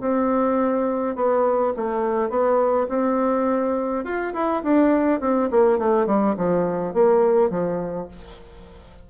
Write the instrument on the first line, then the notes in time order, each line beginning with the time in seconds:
bassoon
0.00 C4
1.15 B3
1.76 A3
2.29 B3
2.89 C4
4.04 F4
4.33 E4
4.63 D4
5.20 C4
5.50 A#3
5.78 A3
6.06 G3
6.36 F3
6.93 A#3
7.50 F3